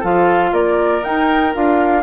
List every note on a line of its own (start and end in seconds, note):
0.00 0.52 F3
0.00 1.03 F4
0.00 0.50 A4
0.00 0.54 F5
0.52 1.02 A#3
0.52 2.03 A#4
0.52 1.04 D5
1.03 1.53 D#4
1.03 1.54 D#4
1.03 1.54 G5
1.54 2.03 D4
1.54 2.03 F4
1.54 2.03 F5